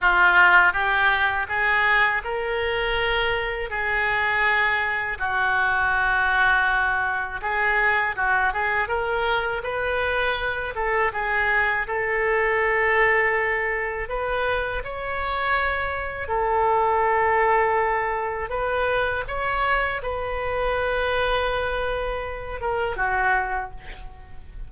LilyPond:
\new Staff \with { instrumentName = "oboe" } { \time 4/4 \tempo 4 = 81 f'4 g'4 gis'4 ais'4~ | ais'4 gis'2 fis'4~ | fis'2 gis'4 fis'8 gis'8 | ais'4 b'4. a'8 gis'4 |
a'2. b'4 | cis''2 a'2~ | a'4 b'4 cis''4 b'4~ | b'2~ b'8 ais'8 fis'4 | }